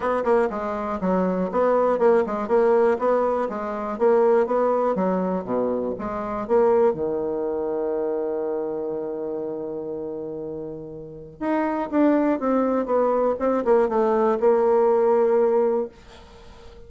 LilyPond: \new Staff \with { instrumentName = "bassoon" } { \time 4/4 \tempo 4 = 121 b8 ais8 gis4 fis4 b4 | ais8 gis8 ais4 b4 gis4 | ais4 b4 fis4 b,4 | gis4 ais4 dis2~ |
dis1~ | dis2. dis'4 | d'4 c'4 b4 c'8 ais8 | a4 ais2. | }